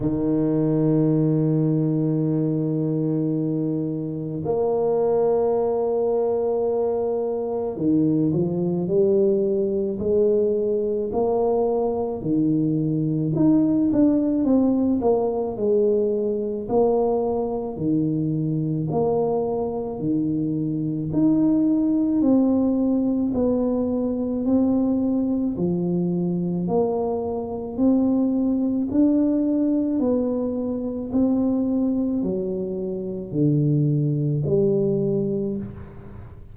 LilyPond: \new Staff \with { instrumentName = "tuba" } { \time 4/4 \tempo 4 = 54 dis1 | ais2. dis8 f8 | g4 gis4 ais4 dis4 | dis'8 d'8 c'8 ais8 gis4 ais4 |
dis4 ais4 dis4 dis'4 | c'4 b4 c'4 f4 | ais4 c'4 d'4 b4 | c'4 fis4 d4 g4 | }